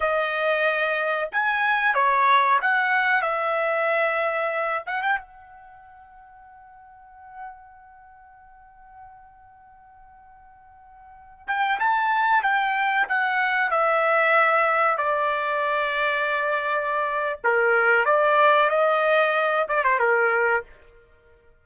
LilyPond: \new Staff \with { instrumentName = "trumpet" } { \time 4/4 \tempo 4 = 93 dis''2 gis''4 cis''4 | fis''4 e''2~ e''8 fis''16 g''16 | fis''1~ | fis''1~ |
fis''4.~ fis''16 g''8 a''4 g''8.~ | g''16 fis''4 e''2 d''8.~ | d''2. ais'4 | d''4 dis''4. d''16 c''16 ais'4 | }